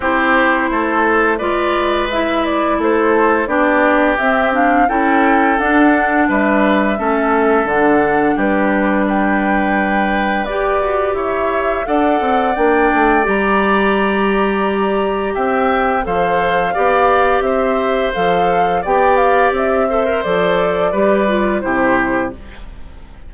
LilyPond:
<<
  \new Staff \with { instrumentName = "flute" } { \time 4/4 \tempo 4 = 86 c''2 d''4 e''8 d''8 | c''4 d''4 e''8 f''8 g''4 | fis''4 e''2 fis''4 | b'4 g''2 d''4 |
e''4 fis''4 g''4 ais''4~ | ais''2 g''4 f''4~ | f''4 e''4 f''4 g''8 f''8 | e''4 d''2 c''4 | }
  \new Staff \with { instrumentName = "oboe" } { \time 4/4 g'4 a'4 b'2 | a'4 g'2 a'4~ | a'4 b'4 a'2 | g'4 b'2. |
cis''4 d''2.~ | d''2 e''4 c''4 | d''4 c''2 d''4~ | d''8 c''4. b'4 g'4 | }
  \new Staff \with { instrumentName = "clarinet" } { \time 4/4 e'2 f'4 e'4~ | e'4 d'4 c'8 d'8 e'4 | d'2 cis'4 d'4~ | d'2. g'4~ |
g'4 a'4 d'4 g'4~ | g'2. a'4 | g'2 a'4 g'4~ | g'8 a'16 ais'16 a'4 g'8 f'8 e'4 | }
  \new Staff \with { instrumentName = "bassoon" } { \time 4/4 c'4 a4 gis2 | a4 b4 c'4 cis'4 | d'4 g4 a4 d4 | g2. g'8 fis'8 |
e'4 d'8 c'8 ais8 a8 g4~ | g2 c'4 f4 | b4 c'4 f4 b4 | c'4 f4 g4 c4 | }
>>